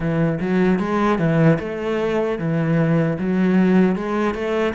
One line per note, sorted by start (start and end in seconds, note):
0.00 0.39 E3
0.40 0.79 F#3
0.79 1.18 G#3
1.18 1.58 E3
1.59 2.38 A3
2.38 3.17 E3
3.19 3.95 F#3
3.95 4.34 G#3
4.34 4.73 A3